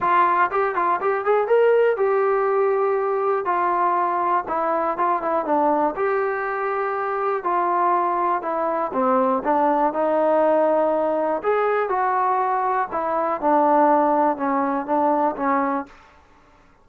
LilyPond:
\new Staff \with { instrumentName = "trombone" } { \time 4/4 \tempo 4 = 121 f'4 g'8 f'8 g'8 gis'8 ais'4 | g'2. f'4~ | f'4 e'4 f'8 e'8 d'4 | g'2. f'4~ |
f'4 e'4 c'4 d'4 | dis'2. gis'4 | fis'2 e'4 d'4~ | d'4 cis'4 d'4 cis'4 | }